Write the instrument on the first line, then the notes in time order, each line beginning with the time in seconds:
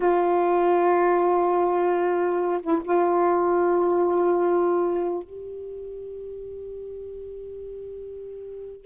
saxophone
0.00 F4
2.62 E4
2.84 F4
5.23 G4